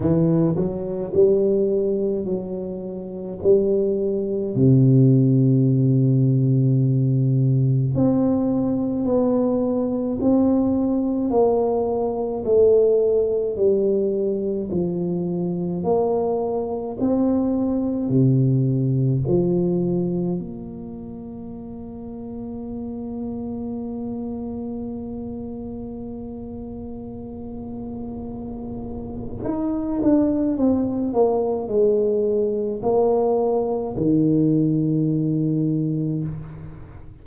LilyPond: \new Staff \with { instrumentName = "tuba" } { \time 4/4 \tempo 4 = 53 e8 fis8 g4 fis4 g4 | c2. c'4 | b4 c'4 ais4 a4 | g4 f4 ais4 c'4 |
c4 f4 ais2~ | ais1~ | ais2 dis'8 d'8 c'8 ais8 | gis4 ais4 dis2 | }